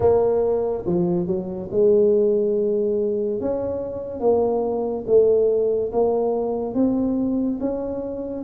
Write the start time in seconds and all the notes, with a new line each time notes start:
0.00 A#3
0.86 F3
1.26 F#3
1.71 G#3
3.40 C#4
4.19 A#3
5.07 A3
5.92 A#3
6.74 C4
7.59 C#4